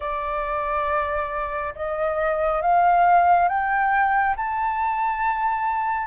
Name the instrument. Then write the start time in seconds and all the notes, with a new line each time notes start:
flute
0.00 D5
1.75 D#5
2.61 F5
3.48 G5
4.36 A5